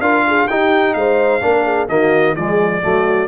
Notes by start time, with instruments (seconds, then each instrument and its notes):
0.00 tuba D4, trombone F4, horn A#4, trumpet F5
0.28 horn G#4
0.48 tuba D#4, trombone D#4, horn G4, trumpet G5
0.94 tuba G#3, horn C5, trumpet F5
1.42 tuba A#3, trombone D4, horn A#4
1.65 horn G#4
1.89 tuba D#3, trombone A#3, horn F#4, trumpet D#5
2.35 tuba F3, trombone G#3, horn G#4, trumpet D5
2.83 tuba F#3, trombone A3, horn F#4